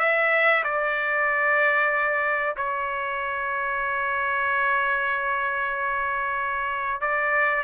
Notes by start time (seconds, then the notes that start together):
0.00 E5
0.64 D5
2.57 C#5
7.02 D5